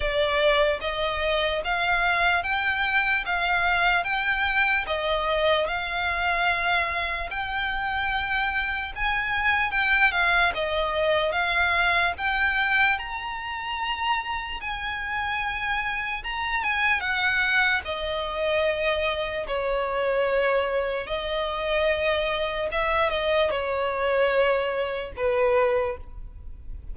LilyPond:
\new Staff \with { instrumentName = "violin" } { \time 4/4 \tempo 4 = 74 d''4 dis''4 f''4 g''4 | f''4 g''4 dis''4 f''4~ | f''4 g''2 gis''4 | g''8 f''8 dis''4 f''4 g''4 |
ais''2 gis''2 | ais''8 gis''8 fis''4 dis''2 | cis''2 dis''2 | e''8 dis''8 cis''2 b'4 | }